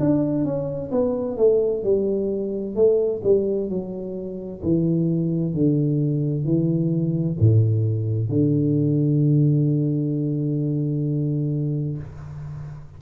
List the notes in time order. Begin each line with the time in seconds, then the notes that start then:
0.00 D4
0.45 C#4
0.92 B3
1.38 A3
1.84 G3
2.76 A3
3.24 G3
3.70 F#3
4.63 E3
5.54 D3
6.45 E3
7.40 A2
8.30 D3